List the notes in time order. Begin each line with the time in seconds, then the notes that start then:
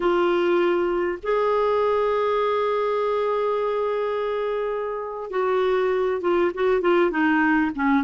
0.00 F4
1.23 G#4
5.30 F#4
6.21 F4
6.54 F#4
6.81 F4
7.10 D#4
7.75 C#4